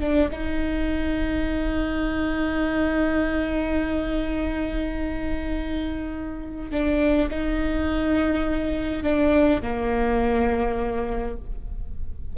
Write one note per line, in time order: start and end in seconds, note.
0.00 0.29 D4
0.31 6.71 D#4
6.71 7.29 D4
7.30 9.03 D#4
9.03 9.61 D4
9.62 11.36 A#3